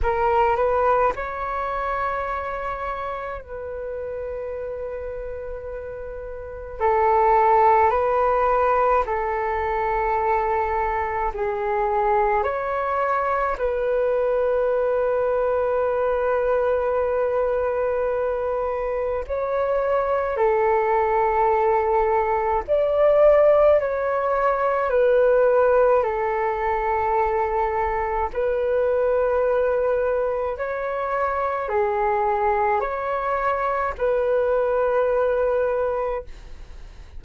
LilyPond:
\new Staff \with { instrumentName = "flute" } { \time 4/4 \tempo 4 = 53 ais'8 b'8 cis''2 b'4~ | b'2 a'4 b'4 | a'2 gis'4 cis''4 | b'1~ |
b'4 cis''4 a'2 | d''4 cis''4 b'4 a'4~ | a'4 b'2 cis''4 | gis'4 cis''4 b'2 | }